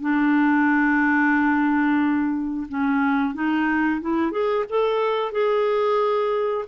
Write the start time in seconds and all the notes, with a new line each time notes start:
0.00 D4
2.68 C#4
3.34 D#4
4.01 E4
4.31 G#4
4.69 A4
5.32 G#4